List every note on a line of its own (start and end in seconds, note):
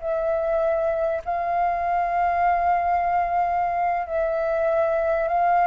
0.00 1.22 E5
1.25 4.07 F5
4.07 5.28 E5
5.28 5.66 F5